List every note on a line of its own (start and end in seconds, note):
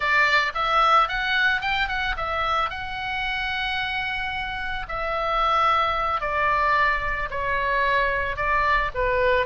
0.00 0.52 D5
0.54 1.08 E5
1.08 1.61 F#5
1.61 1.88 G5
1.88 2.15 F#5
2.16 2.70 E5
2.70 4.86 F#5
4.88 6.20 E5
6.20 7.29 D5
7.30 8.36 C#5
8.36 8.90 D5
8.94 9.46 B4